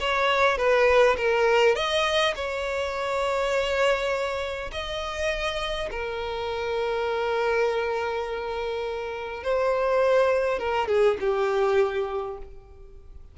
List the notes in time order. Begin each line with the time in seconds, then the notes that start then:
0.00 C#5
0.58 B4
1.17 A#4
1.76 D#5
2.36 C#5
4.72 D#5
5.91 A#4
9.44 C5
10.59 A#4
10.88 G#4
11.20 G4